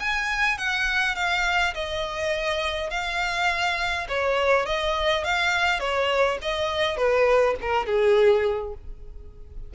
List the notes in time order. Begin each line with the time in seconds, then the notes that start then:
0.00 G#5
0.58 F#5
1.16 F5
1.74 D#5
2.91 F5
4.09 C#5
4.66 D#5
5.24 F5
5.80 C#5
6.42 D#5
6.97 B4
7.62 A#4
7.87 G#4